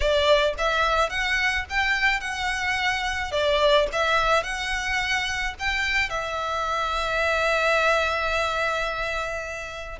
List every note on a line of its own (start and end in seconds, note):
0.00 0.54 D5
0.58 1.09 E5
1.09 1.65 F#5
1.69 2.20 G5
2.20 3.31 F#5
3.31 3.87 D5
3.92 4.43 E5
4.43 5.54 F#5
5.59 6.09 G5
6.09 9.98 E5